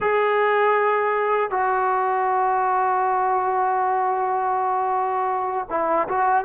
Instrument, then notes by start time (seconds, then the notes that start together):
trombone
0.00 G#4
1.50 F#4
5.70 E4
6.08 F#4